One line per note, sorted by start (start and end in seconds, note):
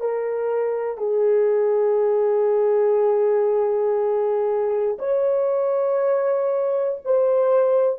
0.00 0.97 A#4
0.97 4.97 G#4
4.98 6.98 C#5
7.05 7.99 C5